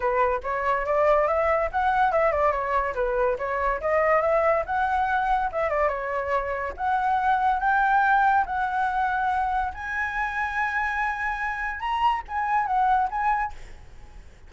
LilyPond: \new Staff \with { instrumentName = "flute" } { \time 4/4 \tempo 4 = 142 b'4 cis''4 d''4 e''4 | fis''4 e''8 d''8 cis''4 b'4 | cis''4 dis''4 e''4 fis''4~ | fis''4 e''8 d''8 cis''2 |
fis''2 g''2 | fis''2. gis''4~ | gis''1 | ais''4 gis''4 fis''4 gis''4 | }